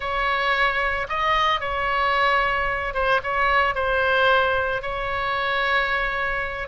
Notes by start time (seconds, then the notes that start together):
0.00 C#5
1.09 D#5
1.60 C#5
2.94 C5
3.23 C#5
3.75 C5
4.82 C#5